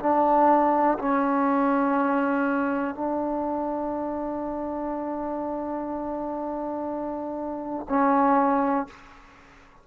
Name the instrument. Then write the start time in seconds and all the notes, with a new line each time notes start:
trombone
0.00 D4
0.99 C#4
2.95 D4
7.89 C#4